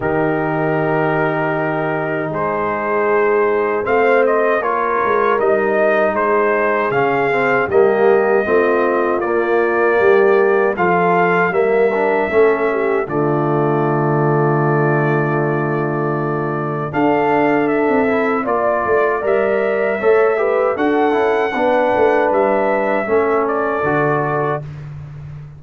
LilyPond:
<<
  \new Staff \with { instrumentName = "trumpet" } { \time 4/4 \tempo 4 = 78 ais'2. c''4~ | c''4 f''8 dis''8 cis''4 dis''4 | c''4 f''4 dis''2 | d''2 f''4 e''4~ |
e''4 d''2.~ | d''2 f''4 e''4 | d''4 e''2 fis''4~ | fis''4 e''4. d''4. | }
  \new Staff \with { instrumentName = "horn" } { \time 4/4 g'2. gis'4~ | gis'4 c''4 ais'2 | gis'2 g'4 f'4~ | f'4 g'4 a'4 ais'4 |
a'8 g'8 f'2.~ | f'2 a'2 | d''2 cis''8 b'8 a'4 | b'2 a'2 | }
  \new Staff \with { instrumentName = "trombone" } { \time 4/4 dis'1~ | dis'4 c'4 f'4 dis'4~ | dis'4 cis'8 c'8 ais4 c'4 | ais2 f'4 ais8 d'8 |
cis'4 a2.~ | a2 d'4. e'8 | f'4 ais'4 a'8 g'8 fis'8 e'8 | d'2 cis'4 fis'4 | }
  \new Staff \with { instrumentName = "tuba" } { \time 4/4 dis2. gis4~ | gis4 a4 ais8 gis8 g4 | gis4 cis4 g4 a4 | ais4 g4 f4 g4 |
a4 d2.~ | d2 d'4~ d'16 c'8. | ais8 a8 g4 a4 d'8 cis'8 | b8 a8 g4 a4 d4 | }
>>